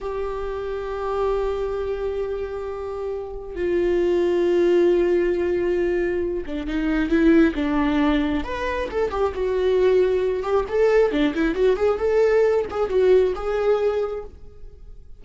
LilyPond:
\new Staff \with { instrumentName = "viola" } { \time 4/4 \tempo 4 = 135 g'1~ | g'1 | f'1~ | f'2~ f'8 d'8 dis'4 |
e'4 d'2 b'4 | a'8 g'8 fis'2~ fis'8 g'8 | a'4 d'8 e'8 fis'8 gis'8 a'4~ | a'8 gis'8 fis'4 gis'2 | }